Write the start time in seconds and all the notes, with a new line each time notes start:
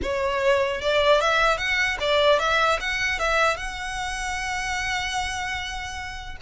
0.02 C#5
0.81 D5
1.21 E5
1.57 F#5
2.00 D5
2.39 E5
2.80 F#5
3.19 E5
3.57 F#5